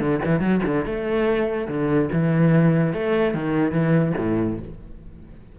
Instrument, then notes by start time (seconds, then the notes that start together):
cello
0.00 D3
0.26 E3
0.41 F#3
0.66 D3
0.86 A3
1.69 D3
2.13 E3
2.94 A3
3.35 D#3
3.72 E3
4.18 A2